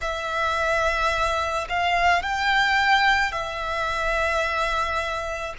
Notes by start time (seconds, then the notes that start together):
0.01 E5
1.69 F5
2.22 G5
3.31 E5